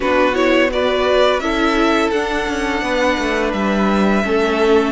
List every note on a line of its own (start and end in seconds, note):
0.00 1.39 B3
0.00 0.34 D4
0.00 0.70 F#4
0.00 0.35 B4
0.34 0.69 E4
0.34 0.70 C#5
0.70 1.41 F#4
0.70 1.42 B4
0.70 1.39 D5
1.39 2.10 C#4
1.39 2.12 E4
1.39 2.84 A4
1.39 2.10 E5
2.10 2.47 D4
2.10 4.23 D4
2.10 3.51 F#5
2.48 2.81 C#4
2.81 3.17 B3
2.81 4.24 B4
3.18 3.53 A3
3.52 4.23 G3
3.52 4.92 E5
4.23 4.92 A3
4.23 4.92 C#4
4.23 4.92 A4